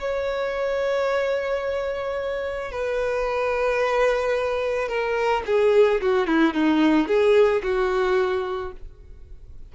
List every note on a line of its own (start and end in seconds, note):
0.00 2.72 C#5
2.72 4.89 B4
4.89 5.43 A#4
5.46 6.01 G#4
6.01 6.27 F#4
6.27 6.54 E4
6.54 7.08 D#4
7.08 7.63 G#4
7.63 8.72 F#4